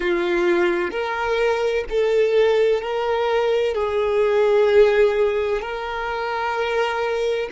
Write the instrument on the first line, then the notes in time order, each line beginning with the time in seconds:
violin
0.00 F4
0.90 A#4
1.89 A4
2.81 A#4
3.74 G#4
5.61 A#4